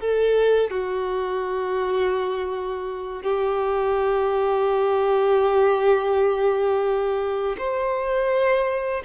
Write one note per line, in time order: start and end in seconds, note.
0.00 0.71 A4
0.71 3.23 F#4
3.23 7.56 G4
7.58 9.03 C5